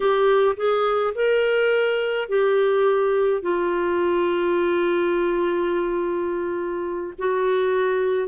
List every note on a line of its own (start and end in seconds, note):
0.00 0.55 G4
0.56 1.13 G#4
1.14 2.28 A#4
2.28 3.42 G4
3.42 7.13 F4
7.18 8.28 F#4